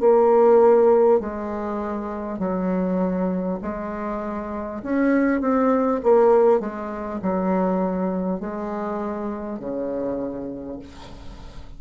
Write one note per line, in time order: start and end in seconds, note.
0.00 1.20 A#3
1.20 2.39 G#3
2.39 3.59 F#3
3.62 4.82 G#3
4.83 5.41 C#4
5.41 6.01 C4
6.03 6.61 A#3
6.61 7.21 G#3
7.22 8.41 F#3
8.41 9.59 G#3
9.59 10.79 C#3